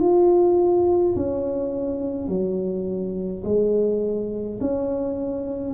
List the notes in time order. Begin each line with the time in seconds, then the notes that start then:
0.00 F4
1.16 C#4
2.28 F#3
3.45 G#3
4.60 C#4